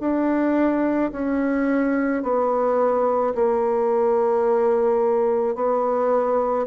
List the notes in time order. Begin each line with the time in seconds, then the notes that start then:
0.00 D4
1.12 C#4
2.23 B3
3.35 A#3
5.55 B3